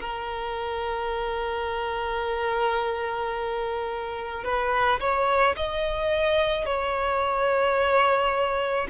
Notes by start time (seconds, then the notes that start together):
0.00 A#4
4.43 B4
5.00 C#5
5.56 D#5
6.65 C#5